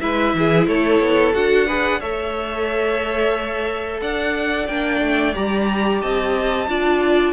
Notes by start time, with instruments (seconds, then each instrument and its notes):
0.00 cello G#3, viola E4, violin B4 E5
0.34 cello E3, violin G#4
0.67 cello A3, violin A4 C#5
1.00 cello B3
1.33 cello D4, viola F#4, violin F#5
1.67 viola G#4, violin B4
2.00 cello A3, viola A4, violin C#5 E5
4.01 cello D4, violin D5 F#5
4.67 cello A#3, viola D4, violin G5
5.01 cello A3
5.34 cello G3, viola G4, violin A#5
6.01 cello C4, violin D#5 A5
6.68 cello D4, viola F4, violin D5